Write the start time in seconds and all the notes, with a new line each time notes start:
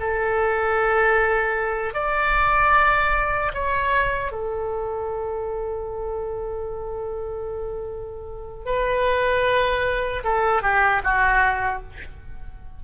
0.00 A4
1.94 D5
3.54 C#5
4.32 A4
8.66 B4
10.24 A4
10.63 G4
11.04 F#4